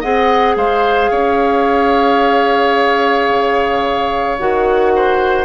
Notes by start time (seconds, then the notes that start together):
0.00 C4 G#4 D#5 F#5
0.56 G#3 C5 F5
1.11 C#4 C#5
3.28 C#3
4.38 D#3 F#4 F#5
4.95 C5